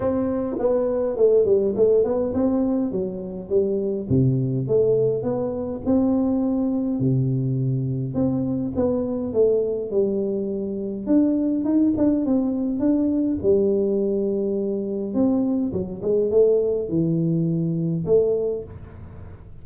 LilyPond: \new Staff \with { instrumentName = "tuba" } { \time 4/4 \tempo 4 = 103 c'4 b4 a8 g8 a8 b8 | c'4 fis4 g4 c4 | a4 b4 c'2 | c2 c'4 b4 |
a4 g2 d'4 | dis'8 d'8 c'4 d'4 g4~ | g2 c'4 fis8 gis8 | a4 e2 a4 | }